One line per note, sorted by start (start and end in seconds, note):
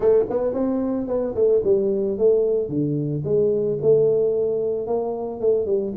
0.00 0.24 A3
0.29 0.53 B3
0.53 1.07 C4
1.07 1.34 B3
1.35 1.62 A3
1.64 2.17 G3
2.17 2.69 A3
2.69 3.23 D3
3.24 3.78 G#3
3.82 4.86 A3
4.86 5.40 A#3
5.40 5.65 A3
5.65 5.92 G3